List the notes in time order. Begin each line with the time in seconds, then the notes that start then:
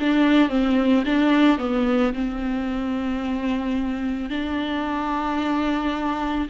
0.00 D4
0.50 C4
1.06 D4
1.59 B3
2.13 C4
4.30 D4